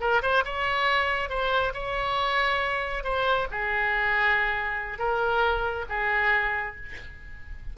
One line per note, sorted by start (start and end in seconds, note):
0.00 0.22 A#4
0.22 0.44 C5
0.45 1.29 C#5
1.29 1.73 C5
1.74 3.04 C#5
3.04 3.47 C5
3.51 4.98 G#4
4.98 5.85 A#4
5.89 6.76 G#4